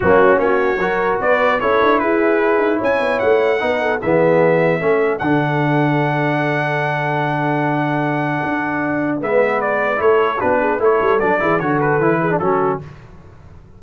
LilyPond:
<<
  \new Staff \with { instrumentName = "trumpet" } { \time 4/4 \tempo 4 = 150 fis'4 cis''2 d''4 | cis''4 b'2 gis''4 | fis''2 e''2~ | e''4 fis''2.~ |
fis''1~ | fis''2. e''4 | d''4 cis''4 b'4 cis''4 | d''4 cis''8 b'4. a'4 | }
  \new Staff \with { instrumentName = "horn" } { \time 4/4 cis'4 fis'4 ais'4 b'4 | a'4 gis'2 cis''4~ | cis''4 b'8 a'8 gis'2 | a'1~ |
a'1~ | a'2. b'4~ | b'4 a'4 fis'8 gis'8 a'4~ | a'8 gis'8 a'4. gis'8 fis'4 | }
  \new Staff \with { instrumentName = "trombone" } { \time 4/4 ais4 cis'4 fis'2 | e'1~ | e'4 dis'4 b2 | cis'4 d'2.~ |
d'1~ | d'2. b4~ | b4 e'4 d'4 e'4 | d'8 e'8 fis'4 e'8. d'16 cis'4 | }
  \new Staff \with { instrumentName = "tuba" } { \time 4/4 fis4 ais4 fis4 b4 | cis'8 d'8 e'4. dis'8 cis'8 b8 | a4 b4 e2 | a4 d2.~ |
d1~ | d4 d'2 gis4~ | gis4 a4 b4 a8 g8 | fis8 e8 d4 e4 fis4 | }
>>